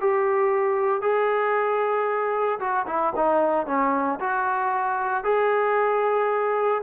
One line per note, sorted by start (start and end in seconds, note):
0.00 1.01 G4
1.01 2.59 G#4
2.59 2.86 F#4
2.86 3.13 E4
3.16 3.66 D#4
3.66 4.19 C#4
4.20 5.23 F#4
5.23 6.81 G#4